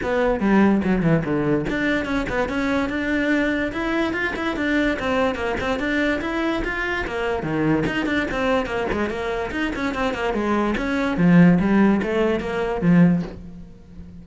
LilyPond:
\new Staff \with { instrumentName = "cello" } { \time 4/4 \tempo 4 = 145 b4 g4 fis8 e8 d4 | d'4 cis'8 b8 cis'4 d'4~ | d'4 e'4 f'8 e'8 d'4 | c'4 ais8 c'8 d'4 e'4 |
f'4 ais4 dis4 dis'8 d'8 | c'4 ais8 gis8 ais4 dis'8 cis'8 | c'8 ais8 gis4 cis'4 f4 | g4 a4 ais4 f4 | }